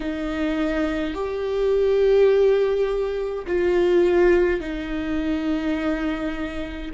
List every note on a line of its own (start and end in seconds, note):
0.00 1.14 D#4
1.14 3.45 G4
3.47 4.60 F4
4.60 6.91 D#4